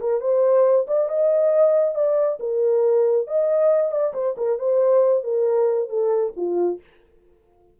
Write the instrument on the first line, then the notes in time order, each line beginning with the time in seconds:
horn
0.00 A#4
0.21 C5
0.87 D5
1.08 D#5
1.94 D5
2.39 A#4
3.27 D#5
3.91 D5
4.13 C5
4.37 A#4
4.58 C5
5.23 A#4
5.89 A4
6.36 F4